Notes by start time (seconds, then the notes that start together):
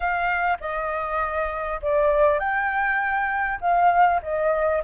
0.00 F5
0.60 D#5
1.82 D5
2.39 G5
3.60 F5
4.22 D#5